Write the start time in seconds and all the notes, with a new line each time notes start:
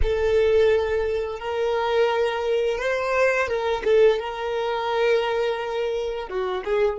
0.02 A4
1.39 A#4
2.77 C5
3.47 A#4
3.84 A4
4.19 A#4
6.28 F#4
6.64 G#4